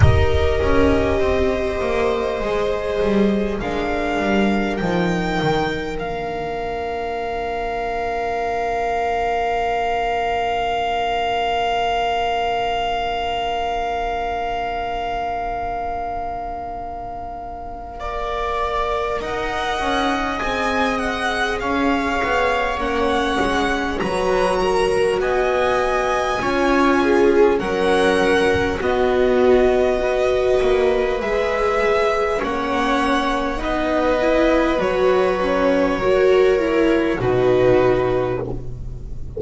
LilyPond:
<<
  \new Staff \with { instrumentName = "violin" } { \time 4/4 \tempo 4 = 50 dis''2. f''4 | g''4 f''2.~ | f''1~ | f''1 |
fis''4 gis''8 fis''8 f''4 fis''4 | ais''4 gis''2 fis''4 | dis''2 e''4 fis''4 | dis''4 cis''2 b'4 | }
  \new Staff \with { instrumentName = "viola" } { \time 4/4 ais'4 c''2 ais'4~ | ais'1~ | ais'1~ | ais'2. d''4 |
dis''2 cis''2 | b'8 ais'8 dis''4 cis''8 gis'8 ais'4 | fis'4 b'2 cis''4 | b'2 ais'4 fis'4 | }
  \new Staff \with { instrumentName = "viola" } { \time 4/4 g'2 gis'4 d'4 | dis'4 d'2.~ | d'1~ | d'2. ais'4~ |
ais'4 gis'2 cis'4 | fis'2 f'4 cis'4 | b4 fis'4 gis'4 cis'4 | dis'8 e'8 fis'8 cis'8 fis'8 e'8 dis'4 | }
  \new Staff \with { instrumentName = "double bass" } { \time 4/4 dis'8 cis'8 c'8 ais8 gis8 g8 gis8 g8 | f8 dis8 ais2.~ | ais1~ | ais1 |
dis'8 cis'8 c'4 cis'8 b8 ais8 gis8 | fis4 b4 cis'4 fis4 | b4. ais8 gis4 ais4 | b4 fis2 b,4 | }
>>